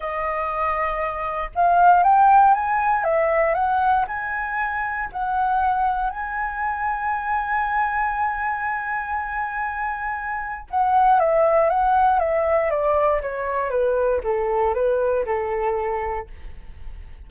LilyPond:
\new Staff \with { instrumentName = "flute" } { \time 4/4 \tempo 4 = 118 dis''2. f''4 | g''4 gis''4 e''4 fis''4 | gis''2 fis''2 | gis''1~ |
gis''1~ | gis''4 fis''4 e''4 fis''4 | e''4 d''4 cis''4 b'4 | a'4 b'4 a'2 | }